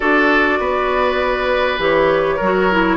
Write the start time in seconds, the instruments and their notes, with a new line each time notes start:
0.00 bassoon D4, clarinet F#4, oboe A4, flute D5
0.59 bassoon B3, oboe B4
1.78 bassoon E3, clarinet G4, flute C#5
2.36 bassoon F#3, oboe A#4
2.43 clarinet F#4
2.71 clarinet E4